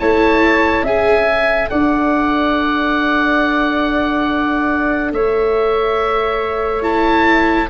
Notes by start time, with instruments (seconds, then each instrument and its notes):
0.00 tuba A3, viola E4, flute C#5, oboe A5
0.83 tuba C#4, viola G#4, flute E5, oboe G#5
1.29 viola A4
1.70 tuba D4, flute D5, oboe F#5
5.12 tuba A3, flute C#5, oboe E5
6.83 viola E4, oboe A5